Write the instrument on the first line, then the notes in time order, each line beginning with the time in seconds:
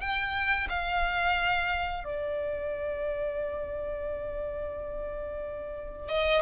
violin
0.00 G5
0.69 F5
2.04 D5
6.08 D#5